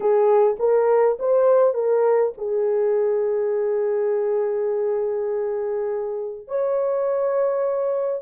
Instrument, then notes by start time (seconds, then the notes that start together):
horn
0.00 G#4
0.59 A#4
1.19 C5
1.74 A#4
2.37 G#4
6.47 C#5